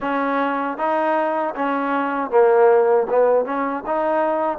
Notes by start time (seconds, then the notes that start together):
0.00 C#4
0.77 D#4
1.55 C#4
2.30 A#3
3.09 B3
3.45 C#4
3.86 D#4